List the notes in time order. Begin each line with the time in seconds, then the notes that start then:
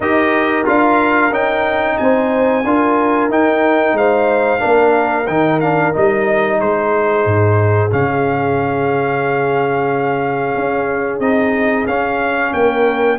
0.00 D#4 G4 A#4 D#5
0.64 D4 F4 F5
1.30 C#4 D#4 G5
1.97 C4 C5 G#5
2.64 D4 F4 A#4
3.29 D#4 G5
3.93 G#3 C5 F5
4.58 A#3 D4 A#4
5.26 D#3 D#4 G5
5.60 D4 F5
5.92 G3 D#4 D#5
6.60 G#3 G#4 C5
7.25 G#2
7.91 C#3 C#4 F5
10.55 C#4
11.19 C4 D#4 D#5
11.86 C#4 F5
12.53 A#3 A#4 G5